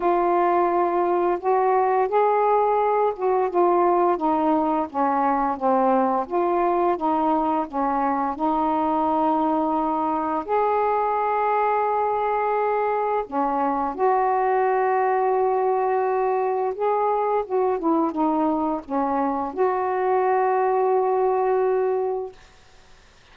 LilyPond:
\new Staff \with { instrumentName = "saxophone" } { \time 4/4 \tempo 4 = 86 f'2 fis'4 gis'4~ | gis'8 fis'8 f'4 dis'4 cis'4 | c'4 f'4 dis'4 cis'4 | dis'2. gis'4~ |
gis'2. cis'4 | fis'1 | gis'4 fis'8 e'8 dis'4 cis'4 | fis'1 | }